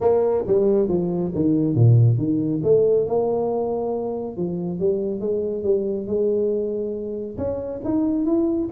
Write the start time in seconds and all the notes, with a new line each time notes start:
0.00 A#3
0.47 G3
0.88 F3
1.34 D#3
1.74 A#2
2.18 D#3
2.63 A3
3.06 A#3
4.37 F3
4.79 G3
5.20 G#3
5.63 G3
6.06 G#3
7.37 C#4
7.84 D#4
8.25 E4